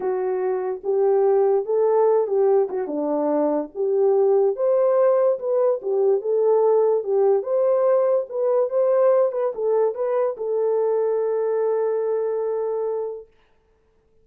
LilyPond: \new Staff \with { instrumentName = "horn" } { \time 4/4 \tempo 4 = 145 fis'2 g'2 | a'4. g'4 fis'8 d'4~ | d'4 g'2 c''4~ | c''4 b'4 g'4 a'4~ |
a'4 g'4 c''2 | b'4 c''4. b'8 a'4 | b'4 a'2.~ | a'1 | }